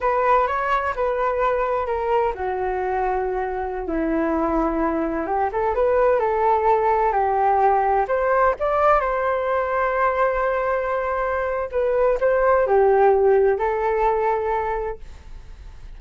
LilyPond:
\new Staff \with { instrumentName = "flute" } { \time 4/4 \tempo 4 = 128 b'4 cis''4 b'2 | ais'4 fis'2.~ | fis'16 e'2. g'8 a'16~ | a'16 b'4 a'2 g'8.~ |
g'4~ g'16 c''4 d''4 c''8.~ | c''1~ | c''4 b'4 c''4 g'4~ | g'4 a'2. | }